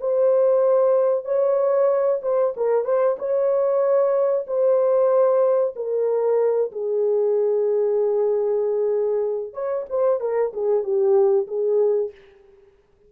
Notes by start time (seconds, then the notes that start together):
0.00 C5
1.25 C#5
2.22 C5
2.56 A#4
2.85 C5
3.18 C#5
4.47 C5
5.76 A#4
6.72 G#4
9.53 C#5
9.89 C5
10.20 A#4
10.53 G#4
10.83 G4
11.47 G#4